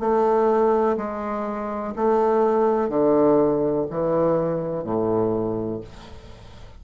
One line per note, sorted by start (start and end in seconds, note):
0.00 0.97 A3
0.97 1.94 G#3
1.96 2.89 A3
2.89 3.86 D3
3.90 4.84 E3
4.84 5.81 A2